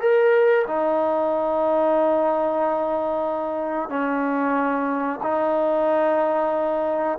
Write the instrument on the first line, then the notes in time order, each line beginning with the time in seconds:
trombone
0.00 A#4
0.67 D#4
3.89 C#4
5.23 D#4